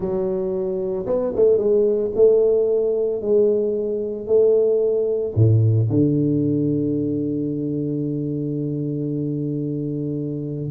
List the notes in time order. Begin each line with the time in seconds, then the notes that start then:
0.00 F#3
1.06 B3
1.35 A3
1.57 G#3
2.15 A3
3.21 G#3
4.26 A3
5.35 A2
5.90 D3